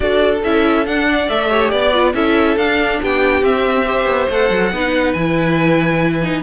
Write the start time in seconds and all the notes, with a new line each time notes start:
0.00 D4 F#4 A4 D5
0.43 C#4 E4 E5
0.86 D4 F#5
1.08 D5
1.29 A3 A4 E5
1.49 G4 C#5
1.70 B3 D5
1.93 F4
2.14 C#4 E4 A4 E5
2.56 D4 F5
3.01 B3 G4 G5
3.42 C4 E5
3.85 G4 C5
4.05 B3
4.29 A3 A4 F#5
4.49 F#3
4.71 B3 D#4 B4
5.13 E3 E4 G#5
6.22 D#4